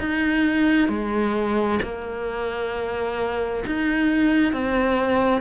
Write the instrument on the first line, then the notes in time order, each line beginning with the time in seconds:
cello
0.00 D#4
0.89 G#3
1.83 A#3
3.67 D#4
4.53 C4